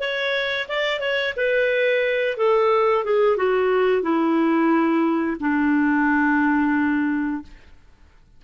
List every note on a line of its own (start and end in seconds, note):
0.00 0.67 C#5
0.68 1.00 D5
1.00 1.34 C#5
1.36 2.37 B4
2.37 3.04 A4
3.04 3.37 G#4
3.37 4.02 F#4
4.02 5.37 E4
5.40 7.42 D4